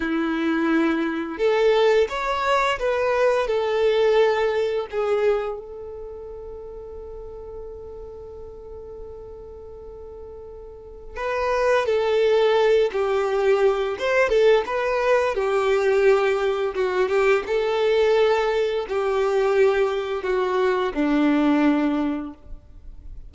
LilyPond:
\new Staff \with { instrumentName = "violin" } { \time 4/4 \tempo 4 = 86 e'2 a'4 cis''4 | b'4 a'2 gis'4 | a'1~ | a'1 |
b'4 a'4. g'4. | c''8 a'8 b'4 g'2 | fis'8 g'8 a'2 g'4~ | g'4 fis'4 d'2 | }